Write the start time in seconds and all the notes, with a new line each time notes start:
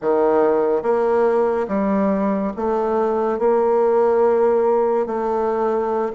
0.01 D#3
0.82 A#3
1.67 G3
2.56 A3
3.38 A#3
5.06 A3